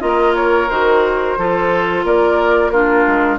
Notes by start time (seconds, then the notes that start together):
0.00 A#3 F4 A#4 D#5
0.35 C#5
0.69 D#3 F#4 C5
1.37 F3 F4 A4
2.03 A#3 A#4 D5
2.69 D4 F4 A#4
3.07 G#3